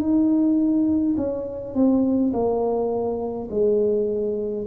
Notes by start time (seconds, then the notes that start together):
0.00 D#4
1.17 C#4
1.75 C4
2.33 A#3
3.51 G#3